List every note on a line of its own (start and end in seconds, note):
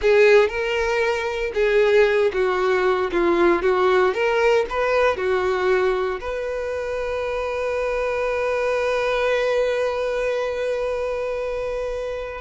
0.01 0.48 G#4
0.48 1.51 A#4
1.54 2.31 G#4
2.33 3.11 F#4
3.12 3.62 F4
3.62 4.14 F#4
4.14 4.65 A#4
4.69 5.16 B4
5.16 6.20 F#4
6.20 12.41 B4